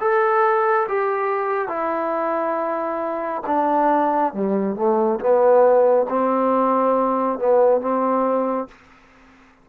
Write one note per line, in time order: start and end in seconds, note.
0.00 0.87 A4
0.88 1.68 G4
1.68 3.42 E4
3.47 4.34 D4
4.34 4.76 G3
4.76 5.19 A3
5.20 6.07 B3
6.09 7.39 C4
7.39 7.81 B3
7.81 8.68 C4